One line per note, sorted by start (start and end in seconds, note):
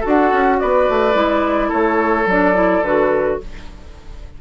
0.00 1.13 F#4
0.00 0.56 A4
0.06 0.32 D4
0.06 0.59 F#5
0.32 0.60 C#4
0.59 0.89 B3
0.59 1.69 B4
0.59 1.71 D5
0.89 1.14 A3
1.13 1.71 G#3
1.13 2.25 E4
1.69 2.25 A3
1.69 3.37 A4
1.69 2.28 C#5
2.25 2.82 F#3
2.25 2.54 D4
2.25 2.84 D5
2.54 2.82 E4
2.83 3.39 D3
2.83 3.41 F#4
2.83 3.40 B4